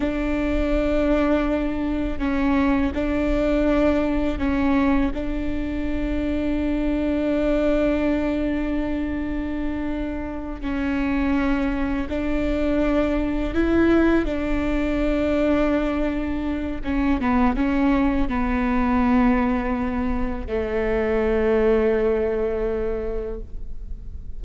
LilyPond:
\new Staff \with { instrumentName = "viola" } { \time 4/4 \tempo 4 = 82 d'2. cis'4 | d'2 cis'4 d'4~ | d'1~ | d'2~ d'8 cis'4.~ |
cis'8 d'2 e'4 d'8~ | d'2. cis'8 b8 | cis'4 b2. | a1 | }